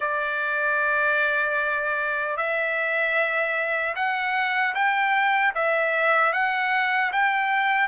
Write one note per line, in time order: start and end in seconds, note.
0.00 2.36 D5
2.36 3.94 E5
3.95 4.74 F#5
4.74 5.53 G5
5.54 6.32 E5
6.32 7.11 F#5
7.12 7.87 G5